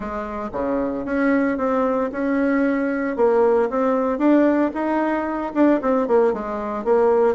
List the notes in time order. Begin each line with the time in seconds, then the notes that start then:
0.00 G#3
0.52 C#3
1.05 C#4
1.57 C4
2.11 C#4
3.16 A#3
3.69 C4
4.18 D4
4.74 D#4
5.54 D4
5.81 C4
6.07 A#3
6.33 G#3
6.84 A#3